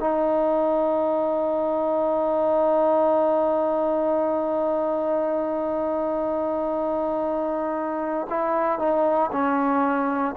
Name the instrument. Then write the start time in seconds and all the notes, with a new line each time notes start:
trombone
0.00 D#4
8.30 E4
8.79 D#4
9.32 C#4